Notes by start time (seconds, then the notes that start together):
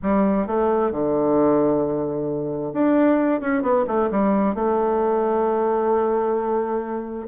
0.02 G3
0.47 A3
0.91 D3
2.73 D4
3.40 C#4
3.62 B3
3.87 A3
4.10 G3
4.55 A3